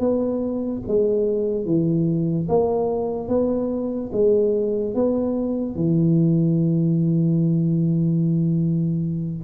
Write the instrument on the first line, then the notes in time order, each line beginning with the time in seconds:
tuba
0.00 B3
0.87 G#3
1.66 E3
2.49 A#3
3.28 B3
4.13 G#3
4.95 B3
5.76 E3